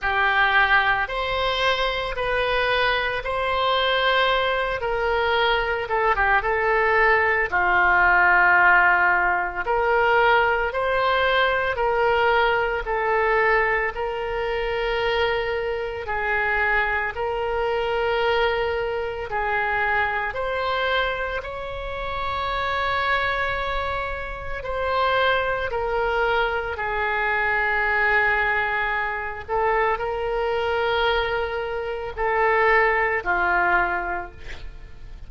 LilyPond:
\new Staff \with { instrumentName = "oboe" } { \time 4/4 \tempo 4 = 56 g'4 c''4 b'4 c''4~ | c''8 ais'4 a'16 g'16 a'4 f'4~ | f'4 ais'4 c''4 ais'4 | a'4 ais'2 gis'4 |
ais'2 gis'4 c''4 | cis''2. c''4 | ais'4 gis'2~ gis'8 a'8 | ais'2 a'4 f'4 | }